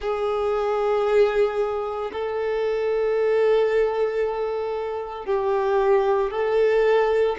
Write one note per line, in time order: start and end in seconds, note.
0.00 2.11 G#4
2.12 5.25 A4
5.25 6.31 G4
6.31 7.36 A4